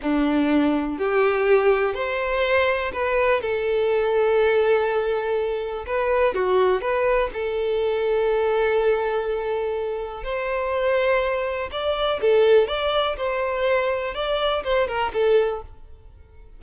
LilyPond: \new Staff \with { instrumentName = "violin" } { \time 4/4 \tempo 4 = 123 d'2 g'2 | c''2 b'4 a'4~ | a'1 | b'4 fis'4 b'4 a'4~ |
a'1~ | a'4 c''2. | d''4 a'4 d''4 c''4~ | c''4 d''4 c''8 ais'8 a'4 | }